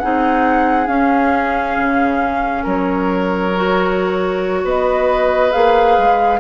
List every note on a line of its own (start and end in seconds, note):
0.00 0.88 C4
0.00 0.87 D#4
0.00 2.63 G#4
0.00 0.88 F#5
0.87 3.52 C#4
0.87 1.76 C#4
0.87 2.64 F5
1.78 2.66 C#3
2.63 4.64 F#3
2.63 4.62 A#4
2.63 4.67 C#5
3.56 5.52 F#4
4.64 5.52 B3
4.64 6.40 B4
4.64 5.52 D#5
5.52 5.98 A#3
5.52 6.40 G#4
5.52 6.40 F5
5.98 6.40 G#3